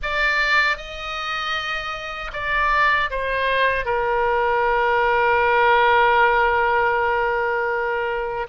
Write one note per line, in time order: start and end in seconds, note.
0.02 0.77 D5
0.77 2.31 D#5
2.33 3.09 D5
3.10 3.85 C5
3.85 8.47 A#4